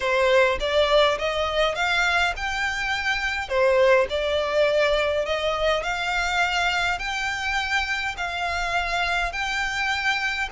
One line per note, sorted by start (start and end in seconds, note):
0.00 0.58 C5
0.60 1.18 D5
1.18 1.75 D#5
1.75 2.33 F5
2.36 3.48 G5
3.48 4.06 C5
4.09 5.25 D5
5.25 5.83 D#5
5.83 6.98 F5
6.98 8.15 G5
8.17 9.32 F5
9.32 10.49 G5